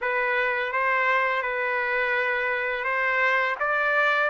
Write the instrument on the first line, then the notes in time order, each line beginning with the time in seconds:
trumpet
0.01 B4
0.72 C5
1.42 B4
2.84 C5
3.59 D5